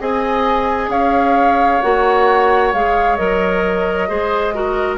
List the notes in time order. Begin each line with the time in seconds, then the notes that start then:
0.00 C4 G#4 D#5 G#5
0.88 C#4 C#5 F5
1.82 A#3 F#4 F#5
2.73 G#3 G#4 F5
3.16 F#3 A#4 D#5
4.08 G#3 G#4 C5
4.54 F#4 A#4